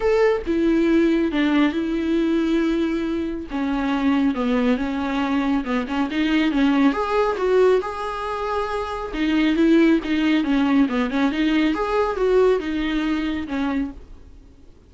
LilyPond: \new Staff \with { instrumentName = "viola" } { \time 4/4 \tempo 4 = 138 a'4 e'2 d'4 | e'1 | cis'2 b4 cis'4~ | cis'4 b8 cis'8 dis'4 cis'4 |
gis'4 fis'4 gis'2~ | gis'4 dis'4 e'4 dis'4 | cis'4 b8 cis'8 dis'4 gis'4 | fis'4 dis'2 cis'4 | }